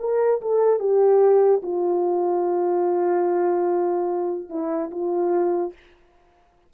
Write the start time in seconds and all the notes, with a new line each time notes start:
0.00 A#4
0.41 A4
0.79 G4
1.63 F4
4.49 E4
4.91 F4